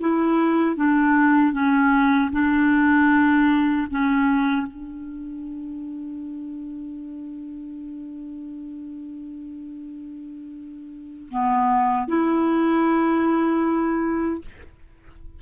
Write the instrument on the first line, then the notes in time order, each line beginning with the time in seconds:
clarinet
0.00 E4
0.76 D4
1.53 C#4
2.32 D4
3.90 C#4
4.67 D4
11.30 B3
12.08 E4